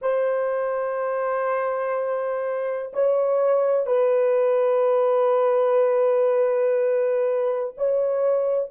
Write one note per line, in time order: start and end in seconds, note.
0.01 2.92 C5
2.93 3.86 C#5
3.86 7.73 B4
7.77 8.70 C#5